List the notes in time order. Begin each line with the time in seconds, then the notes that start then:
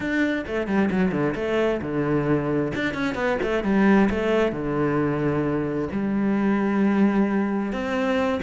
0.00 D4
0.47 A3
0.67 G3
0.90 F#3
1.11 D3
1.35 A3
1.81 D3
2.74 D4
2.94 C#4
3.15 B3
3.42 A3
3.63 G3
4.10 A3
4.52 D3
5.92 G3
7.72 C4